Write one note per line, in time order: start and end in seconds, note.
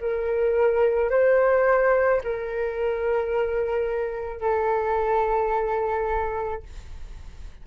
0.00 1.10 A#4
1.10 2.21 C5
2.23 4.40 A#4
4.40 6.63 A4